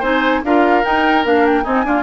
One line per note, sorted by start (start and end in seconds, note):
0.00 0.43 C4
0.00 0.43 D#4
0.00 0.40 C5
0.00 0.43 G#5
0.43 0.84 D4
0.43 0.84 F4
0.43 1.64 A#4
0.43 0.85 F5
0.84 1.24 D#4
0.84 1.25 D#4
0.84 1.25 G5
1.24 1.65 A#3
1.24 1.64 D4
1.24 1.46 F5
1.46 1.64 G5
1.64 1.85 C4
1.64 1.84 D#4
1.64 2.03 G#5
1.85 2.03 A#3
1.85 2.03 D4
1.85 2.03 F4